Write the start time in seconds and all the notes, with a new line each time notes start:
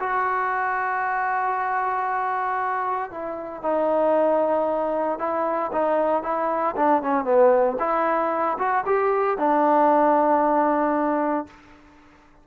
0.00 F#4
3.11 E4
3.63 D#4
5.19 E4
5.73 D#4
6.23 E4
6.77 D4
7.03 C#4
7.25 B3
7.80 E4
8.59 F#4
8.86 G4
9.39 D4